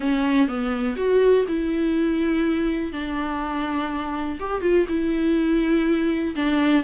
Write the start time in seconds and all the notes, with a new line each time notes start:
0.00 C#4
0.47 B3
0.96 F#4
1.48 E4
2.92 D4
4.39 G4
4.61 F4
4.88 E4
6.35 D4